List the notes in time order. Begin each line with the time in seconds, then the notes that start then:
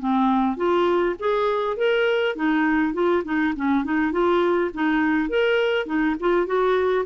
0.00 C4
0.57 F4
1.20 G#4
1.77 A#4
2.36 D#4
2.94 F4
3.25 D#4
3.57 C#4
3.85 D#4
4.13 F4
4.75 D#4
5.30 A#4
5.87 D#4
6.21 F4
6.47 F#4